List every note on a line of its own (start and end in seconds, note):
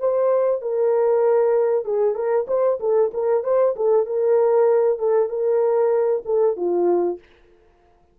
0.00 0.62 C5
0.62 1.85 A#4
1.85 2.15 G#4
2.15 2.46 A#4
2.48 2.79 C5
2.80 3.12 A4
3.14 3.44 A#4
3.44 3.75 C5
3.76 4.06 A4
4.06 4.99 A#4
4.99 5.30 A4
5.30 6.23 A#4
6.26 6.57 A4
6.57 7.19 F4